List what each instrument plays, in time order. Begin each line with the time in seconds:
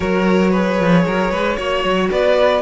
0.00 cello F#3, viola F#4, violin A#4 C#5
0.50 viola G#4, violin B4
0.79 cello F3
1.06 cello F#3, violin A#4
1.30 cello G#3, violin B4
1.56 cello A#3, viola F#4, violin C#5
1.83 cello F#3
2.10 cello B3, violin B4 D5